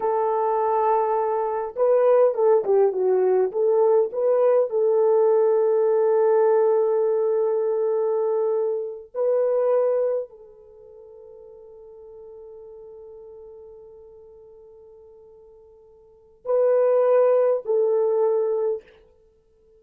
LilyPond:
\new Staff \with { instrumentName = "horn" } { \time 4/4 \tempo 4 = 102 a'2. b'4 | a'8 g'8 fis'4 a'4 b'4 | a'1~ | a'2.~ a'8 b'8~ |
b'4. a'2~ a'8~ | a'1~ | a'1 | b'2 a'2 | }